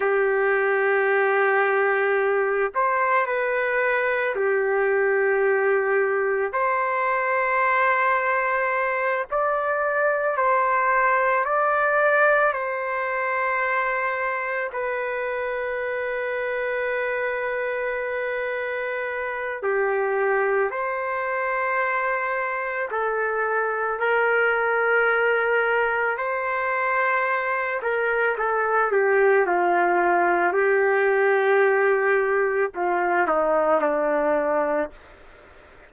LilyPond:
\new Staff \with { instrumentName = "trumpet" } { \time 4/4 \tempo 4 = 55 g'2~ g'8 c''8 b'4 | g'2 c''2~ | c''8 d''4 c''4 d''4 c''8~ | c''4. b'2~ b'8~ |
b'2 g'4 c''4~ | c''4 a'4 ais'2 | c''4. ais'8 a'8 g'8 f'4 | g'2 f'8 dis'8 d'4 | }